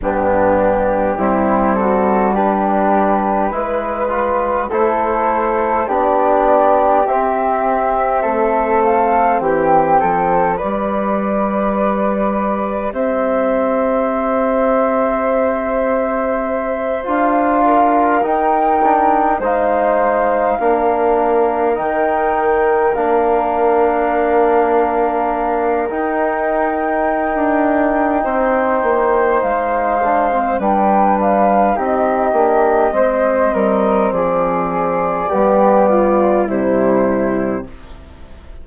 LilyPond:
<<
  \new Staff \with { instrumentName = "flute" } { \time 4/4 \tempo 4 = 51 g'4. a'8 b'2 | c''4 d''4 e''4. f''8 | g''4 d''2 e''4~ | e''2~ e''8 f''4 g''8~ |
g''8 f''2 g''4 f''8~ | f''2 g''2~ | g''4 f''4 g''8 f''8 dis''4~ | dis''4 d''2 c''4 | }
  \new Staff \with { instrumentName = "flute" } { \time 4/4 d'4 e'8 fis'8 g'4 b'4 | a'4 g'2 a'4 | g'8 a'8 b'2 c''4~ | c''2. ais'4~ |
ais'8 c''4 ais'2~ ais'8~ | ais'1 | c''2 b'4 g'4 | c''8 ais'8 gis'4 g'8 f'8 e'4 | }
  \new Staff \with { instrumentName = "trombone" } { \time 4/4 b4 c'4 d'4 e'8 f'8 | e'4 d'4 c'2~ | c'4 g'2.~ | g'2~ g'8 f'4 dis'8 |
d'8 dis'4 d'4 dis'4 d'8~ | d'2 dis'2~ | dis'4. d'16 c'16 d'4 dis'8 d'8 | c'2 b4 g4 | }
  \new Staff \with { instrumentName = "bassoon" } { \time 4/4 g,4 g2 gis4 | a4 b4 c'4 a4 | e8 f8 g2 c'4~ | c'2~ c'8 d'4 dis'8~ |
dis'8 gis4 ais4 dis4 ais8~ | ais2 dis'4~ dis'16 d'8. | c'8 ais8 gis4 g4 c'8 ais8 | gis8 g8 f4 g4 c4 | }
>>